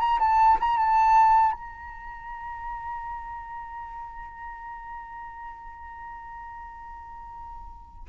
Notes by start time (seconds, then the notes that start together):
0.00 A#5
0.20 A5
0.60 A#5
0.78 A5
1.53 A#5